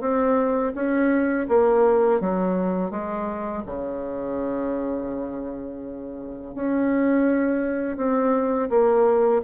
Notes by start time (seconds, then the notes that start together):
0.00 C4
0.75 C#4
1.48 A#3
2.20 F#3
2.90 G#3
3.65 C#3
6.55 C#4
7.96 C4
8.69 A#3